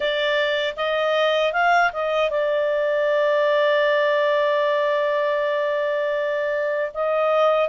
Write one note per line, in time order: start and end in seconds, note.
0.00 0.74 D5
0.76 1.52 D#5
1.52 1.91 F5
1.92 2.30 D#5
2.30 6.92 D5
6.94 7.69 D#5